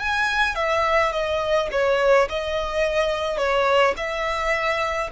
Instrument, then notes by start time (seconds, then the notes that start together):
violin
0.00 G#5
0.56 E5
1.13 D#5
1.72 C#5
2.30 D#5
3.38 C#5
3.98 E5